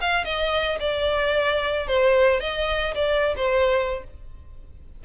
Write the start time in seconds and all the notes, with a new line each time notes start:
0.00 F5
0.24 D#5
0.79 D5
1.87 C5
2.40 D#5
2.94 D5
3.36 C5